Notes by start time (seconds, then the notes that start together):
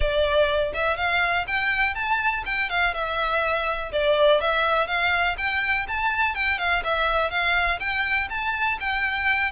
0.00 D5
0.73 E5
0.96 F5
1.47 G5
1.94 A5
2.45 G5
2.69 F5
2.94 E5
3.92 D5
4.40 E5
4.87 F5
5.37 G5
5.88 A5
6.34 G5
6.58 F5
6.84 E5
7.30 F5
7.79 G5
8.29 A5
8.80 G5